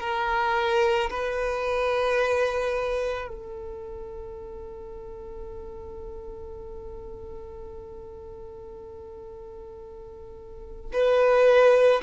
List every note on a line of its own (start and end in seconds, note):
0.00 1.09 A#4
1.10 3.27 B4
3.27 10.91 A4
10.92 12.01 B4